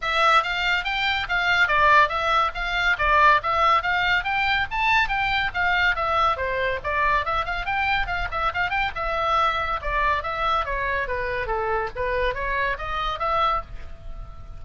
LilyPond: \new Staff \with { instrumentName = "oboe" } { \time 4/4 \tempo 4 = 141 e''4 f''4 g''4 f''4 | d''4 e''4 f''4 d''4 | e''4 f''4 g''4 a''4 | g''4 f''4 e''4 c''4 |
d''4 e''8 f''8 g''4 f''8 e''8 | f''8 g''8 e''2 d''4 | e''4 cis''4 b'4 a'4 | b'4 cis''4 dis''4 e''4 | }